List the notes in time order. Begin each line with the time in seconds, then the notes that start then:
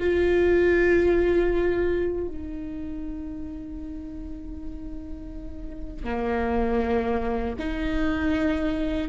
0.00 F4
2.28 D#4
6.04 A#3
7.59 D#4